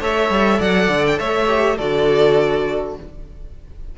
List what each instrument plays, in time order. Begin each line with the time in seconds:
0.00 cello A3, viola A4, violin C#5 E5
0.30 cello G3
0.59 cello F#3, violin D5 F#5
0.89 cello D3
1.07 violin G5
1.19 cello A3, violin C#5 E5
1.48 viola G4
1.77 cello D3, viola F#4, violin A4 D5